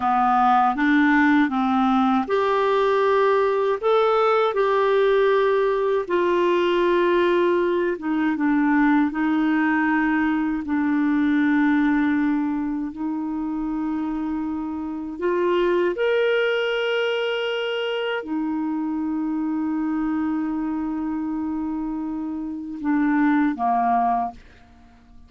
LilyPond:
\new Staff \with { instrumentName = "clarinet" } { \time 4/4 \tempo 4 = 79 b4 d'4 c'4 g'4~ | g'4 a'4 g'2 | f'2~ f'8 dis'8 d'4 | dis'2 d'2~ |
d'4 dis'2. | f'4 ais'2. | dis'1~ | dis'2 d'4 ais4 | }